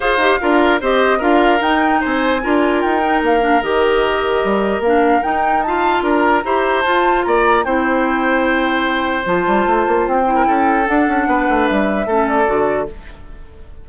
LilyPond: <<
  \new Staff \with { instrumentName = "flute" } { \time 4/4 \tempo 4 = 149 f''2 dis''4 f''4 | g''4 gis''2 g''4 | f''4 dis''2. | f''4 g''4 a''4 ais''4~ |
ais''4 a''4 ais''4 g''4~ | g''2. a''4~ | a''4 g''2 fis''4~ | fis''4 e''4. d''4. | }
  \new Staff \with { instrumentName = "oboe" } { \time 4/4 c''4 ais'4 c''4 ais'4~ | ais'4 c''4 ais'2~ | ais'1~ | ais'2 f''4 ais'4 |
c''2 d''4 c''4~ | c''1~ | c''4.~ c''16 ais'16 a'2 | b'2 a'2 | }
  \new Staff \with { instrumentName = "clarinet" } { \time 4/4 gis'8 g'8 f'4 g'4 f'4 | dis'2 f'4. dis'8~ | dis'8 d'8 g'2. | d'4 dis'4 f'2 |
g'4 f'2 e'4~ | e'2. f'4~ | f'4. e'4. d'4~ | d'2 cis'4 fis'4 | }
  \new Staff \with { instrumentName = "bassoon" } { \time 4/4 f'8 dis'8 d'4 c'4 d'4 | dis'4 c'4 d'4 dis'4 | ais4 dis2 g4 | ais4 dis'2 d'4 |
e'4 f'4 ais4 c'4~ | c'2. f8 g8 | a8 ais8 c'4 cis'4 d'8 cis'8 | b8 a8 g4 a4 d4 | }
>>